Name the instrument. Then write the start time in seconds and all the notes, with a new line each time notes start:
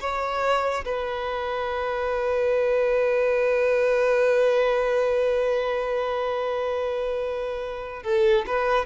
violin
0.00 C#5
0.85 B4
8.03 A4
8.47 B4